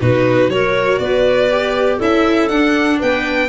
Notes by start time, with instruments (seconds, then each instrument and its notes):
0.00 tuba B2, viola D#4, clarinet F#4, violin B4
0.48 tuba F#3, viola F#4, clarinet A#4, violin C#5
0.99 tuba B3, clarinet B4, violin D5
1.51 viola G4
1.98 tuba C#4, viola E4, clarinet A4, violin E5
2.49 tuba D4, viola D4, violin F#5
2.99 tuba B3, clarinet B4, violin G5